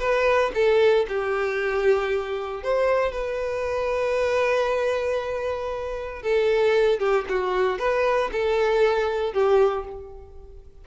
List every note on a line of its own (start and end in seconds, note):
0.00 0.52 B4
0.55 1.07 A4
1.09 2.64 G4
2.64 3.12 C5
3.12 6.22 B4
6.22 6.99 A4
6.99 7.25 G4
7.29 7.79 F#4
7.79 8.31 B4
8.32 9.33 A4
9.33 9.85 G4